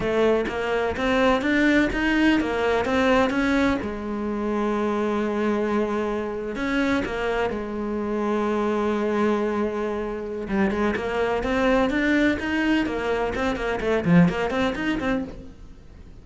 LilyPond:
\new Staff \with { instrumentName = "cello" } { \time 4/4 \tempo 4 = 126 a4 ais4 c'4 d'4 | dis'4 ais4 c'4 cis'4 | gis1~ | gis4.~ gis16 cis'4 ais4 gis16~ |
gis1~ | gis2 g8 gis8 ais4 | c'4 d'4 dis'4 ais4 | c'8 ais8 a8 f8 ais8 c'8 dis'8 c'8 | }